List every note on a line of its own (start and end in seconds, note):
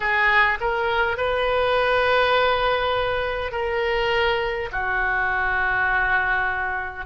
0.00 0.58 G#4
0.60 1.17 A#4
1.17 3.51 B4
3.51 4.69 A#4
4.72 7.05 F#4